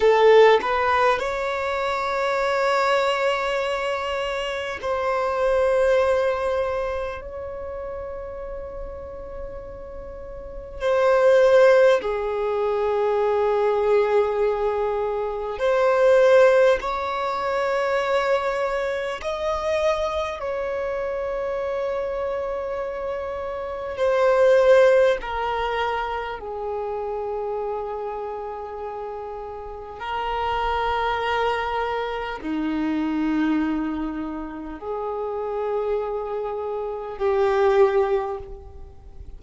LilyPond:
\new Staff \with { instrumentName = "violin" } { \time 4/4 \tempo 4 = 50 a'8 b'8 cis''2. | c''2 cis''2~ | cis''4 c''4 gis'2~ | gis'4 c''4 cis''2 |
dis''4 cis''2. | c''4 ais'4 gis'2~ | gis'4 ais'2 dis'4~ | dis'4 gis'2 g'4 | }